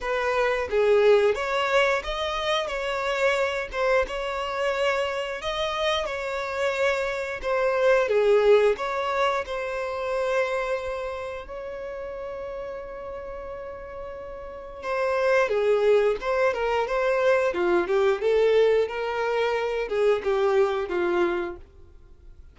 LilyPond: \new Staff \with { instrumentName = "violin" } { \time 4/4 \tempo 4 = 89 b'4 gis'4 cis''4 dis''4 | cis''4. c''8 cis''2 | dis''4 cis''2 c''4 | gis'4 cis''4 c''2~ |
c''4 cis''2.~ | cis''2 c''4 gis'4 | c''8 ais'8 c''4 f'8 g'8 a'4 | ais'4. gis'8 g'4 f'4 | }